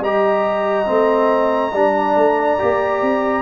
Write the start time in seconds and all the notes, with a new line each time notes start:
0.00 G3 G4 D#5 A#5
0.86 A3 C4
1.73 G3 D4 D5
2.16 A3
2.58 A#3 G4
3.02 C4